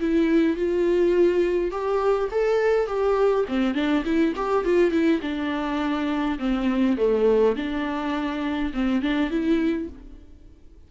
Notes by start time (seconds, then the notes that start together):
0.00 E4
0.56 F4
1.71 G4
2.31 A4
2.86 G4
3.48 C4
3.74 D4
4.05 E4
4.36 G4
4.65 F4
4.91 E4
5.22 D4
6.39 C4
6.97 A3
7.56 D4
8.74 C4
9.02 D4
9.30 E4